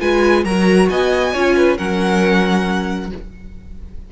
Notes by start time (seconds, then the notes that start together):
0.00 G#3 F4 B4 G#5
0.44 F#3 F#4 A#4 A#5
0.89 B3 D#5 G#5
1.33 C#4 F4 C#5
1.56 B4
1.77 F#3 C#4 A#4 F#5